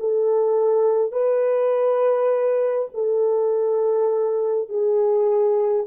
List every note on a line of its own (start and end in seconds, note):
0.00 1.12 A4
1.12 2.88 B4
2.94 4.69 A4
4.69 5.87 G#4